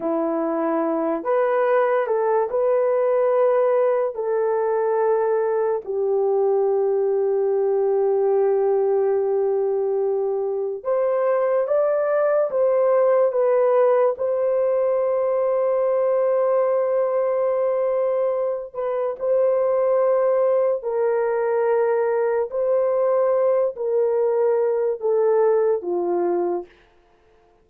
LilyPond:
\new Staff \with { instrumentName = "horn" } { \time 4/4 \tempo 4 = 72 e'4. b'4 a'8 b'4~ | b'4 a'2 g'4~ | g'1~ | g'4 c''4 d''4 c''4 |
b'4 c''2.~ | c''2~ c''8 b'8 c''4~ | c''4 ais'2 c''4~ | c''8 ais'4. a'4 f'4 | }